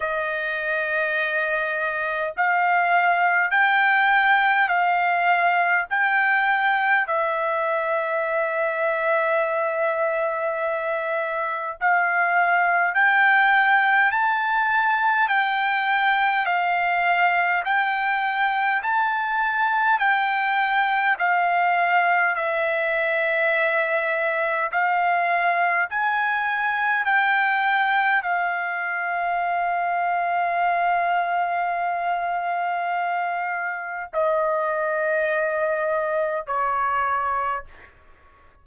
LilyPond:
\new Staff \with { instrumentName = "trumpet" } { \time 4/4 \tempo 4 = 51 dis''2 f''4 g''4 | f''4 g''4 e''2~ | e''2 f''4 g''4 | a''4 g''4 f''4 g''4 |
a''4 g''4 f''4 e''4~ | e''4 f''4 gis''4 g''4 | f''1~ | f''4 dis''2 cis''4 | }